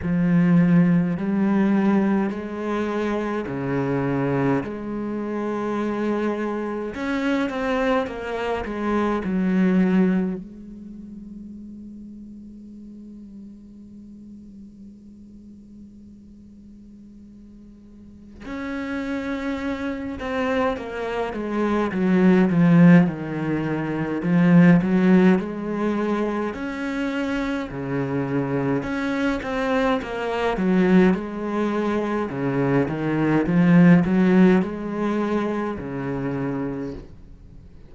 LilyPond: \new Staff \with { instrumentName = "cello" } { \time 4/4 \tempo 4 = 52 f4 g4 gis4 cis4 | gis2 cis'8 c'8 ais8 gis8 | fis4 gis2.~ | gis1 |
cis'4. c'8 ais8 gis8 fis8 f8 | dis4 f8 fis8 gis4 cis'4 | cis4 cis'8 c'8 ais8 fis8 gis4 | cis8 dis8 f8 fis8 gis4 cis4 | }